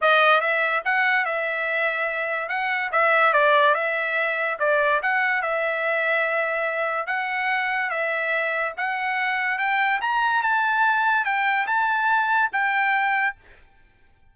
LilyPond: \new Staff \with { instrumentName = "trumpet" } { \time 4/4 \tempo 4 = 144 dis''4 e''4 fis''4 e''4~ | e''2 fis''4 e''4 | d''4 e''2 d''4 | fis''4 e''2.~ |
e''4 fis''2 e''4~ | e''4 fis''2 g''4 | ais''4 a''2 g''4 | a''2 g''2 | }